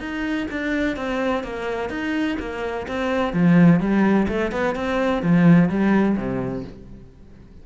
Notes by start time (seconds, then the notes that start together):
0.00 D#4
0.51 D4
0.97 C4
1.43 A#3
1.89 D#4
2.40 A#3
2.88 C4
3.33 F3
3.80 G3
4.28 A3
4.52 B3
4.75 C4
5.22 F3
5.69 G3
6.17 C3